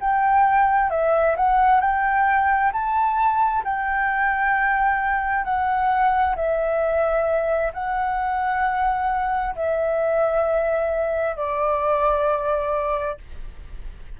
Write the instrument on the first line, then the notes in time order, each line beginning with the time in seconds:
flute
0.00 G5
0.90 E5
1.36 F#5
1.81 G5
2.72 A5
3.64 G5
5.44 F#5
6.36 E5
7.73 F#5
9.55 E5
11.36 D5